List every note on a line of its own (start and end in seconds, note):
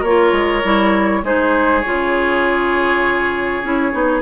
0.00 0.32 A#3
0.00 0.63 F4
0.00 1.20 A#4
0.00 1.24 C#5
0.32 0.62 G#3
0.63 1.23 G3
0.63 1.23 E4
1.23 1.83 G#3
1.23 1.84 D#4
1.23 4.22 G#4
1.23 1.80 C5
1.80 3.64 F4
1.80 4.20 C#5
1.86 3.62 C#3
3.62 3.92 C#4
3.62 3.91 E4
3.91 4.22 B3
3.91 4.21 D#4